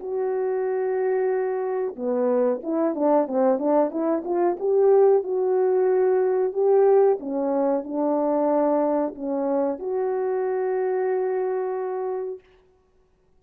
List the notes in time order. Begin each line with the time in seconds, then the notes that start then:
0.00 F#4
1.96 B3
2.64 E4
2.95 D4
3.28 C4
3.59 D4
3.91 E4
4.25 F4
4.60 G4
5.24 F#4
6.53 G4
7.20 C#4
7.84 D4
9.15 C#4
9.79 F#4